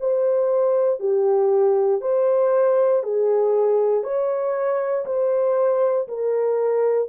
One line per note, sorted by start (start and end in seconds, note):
0.00 0.99 C5
0.99 2.01 G4
2.02 3.03 C5
3.03 4.04 G#4
4.04 5.06 C#5
5.06 6.08 C5
6.08 7.09 A#4